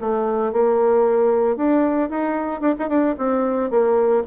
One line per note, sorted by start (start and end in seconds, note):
0.00 0.52 A3
0.52 1.56 A#3
1.56 2.09 D4
2.09 2.61 D#4
2.61 2.74 D4
2.78 2.88 D#4
2.88 3.15 D4
3.18 3.70 C4
3.70 4.23 A#3